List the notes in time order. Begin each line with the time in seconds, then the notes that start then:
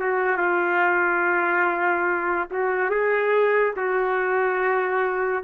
0.00 F#4
0.37 F4
2.51 F#4
2.90 G#4
3.77 F#4